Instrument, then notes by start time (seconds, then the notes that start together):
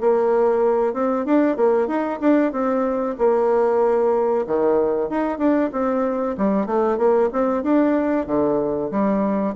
bassoon
0.00 A#3
0.93 C4
1.25 D4
1.56 A#3
1.87 D#4
2.20 D4
2.52 C4
3.18 A#3
4.46 D#3
5.09 D#4
5.38 D4
5.72 C4
6.37 G3
6.66 A3
6.97 A#3
7.32 C4
7.62 D4
8.26 D3
8.91 G3